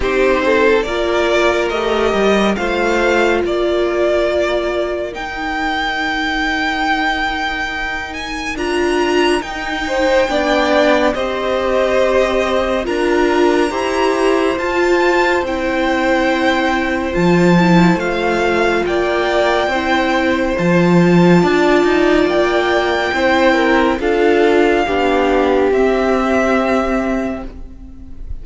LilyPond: <<
  \new Staff \with { instrumentName = "violin" } { \time 4/4 \tempo 4 = 70 c''4 d''4 dis''4 f''4 | d''2 g''2~ | g''4. gis''8 ais''4 g''4~ | g''4 dis''2 ais''4~ |
ais''4 a''4 g''2 | a''4 f''4 g''2 | a''2 g''2 | f''2 e''2 | }
  \new Staff \with { instrumentName = "violin" } { \time 4/4 g'8 a'8 ais'2 c''4 | ais'1~ | ais'2.~ ais'8 c''8 | d''4 c''2 ais'4 |
c''1~ | c''2 d''4 c''4~ | c''4 d''2 c''8 ais'8 | a'4 g'2. | }
  \new Staff \with { instrumentName = "viola" } { \time 4/4 dis'4 f'4 g'4 f'4~ | f'2 dis'2~ | dis'2 f'4 dis'4 | d'4 g'2 f'4 |
g'4 f'4 e'2 | f'8 e'8 f'2 e'4 | f'2. e'4 | f'4 d'4 c'2 | }
  \new Staff \with { instrumentName = "cello" } { \time 4/4 c'4 ais4 a8 g8 a4 | ais2 dis'2~ | dis'2 d'4 dis'4 | b4 c'2 d'4 |
e'4 f'4 c'2 | f4 a4 ais4 c'4 | f4 d'8 dis'8 ais4 c'4 | d'4 b4 c'2 | }
>>